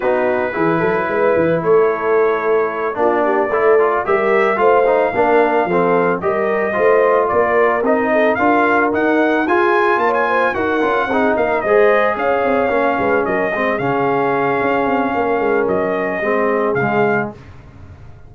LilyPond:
<<
  \new Staff \with { instrumentName = "trumpet" } { \time 4/4 \tempo 4 = 111 b'2. cis''4~ | cis''4. d''2 e''8~ | e''8 f''2. dis''8~ | dis''4. d''4 dis''4 f''8~ |
f''8 fis''4 gis''4 a''16 gis''8. fis''8~ | fis''4 f''8 dis''4 f''4.~ | f''8 dis''4 f''2~ f''8~ | f''4 dis''2 f''4 | }
  \new Staff \with { instrumentName = "horn" } { \time 4/4 fis'4 gis'8 a'8 b'4 a'4~ | a'4. f'8 g'8 a'4 ais'8~ | ais'8 c''4 ais'4 a'4 ais'8~ | ais'8 c''4 ais'4. a'8 ais'8~ |
ais'4. gis'4 cis''8 c''8 ais'8~ | ais'8 gis'8 ais'8 c''4 cis''4. | b'8 ais'8 gis'2. | ais'2 gis'2 | }
  \new Staff \with { instrumentName = "trombone" } { \time 4/4 dis'4 e'2.~ | e'4. d'4 e'8 f'8 g'8~ | g'8 f'8 dis'8 d'4 c'4 g'8~ | g'8 f'2 dis'4 f'8~ |
f'8 dis'4 f'2 fis'8 | f'8 dis'4 gis'2 cis'8~ | cis'4 c'8 cis'2~ cis'8~ | cis'2 c'4 gis4 | }
  \new Staff \with { instrumentName = "tuba" } { \time 4/4 b4 e8 fis8 gis8 e8 a4~ | a4. ais4 a4 g8~ | g8 a4 ais4 f4 g8~ | g8 a4 ais4 c'4 d'8~ |
d'8 dis'4 f'4 ais4 dis'8 | cis'8 c'8 ais8 gis4 cis'8 c'8 ais8 | gis8 fis8 gis8 cis4. cis'8 c'8 | ais8 gis8 fis4 gis4 cis4 | }
>>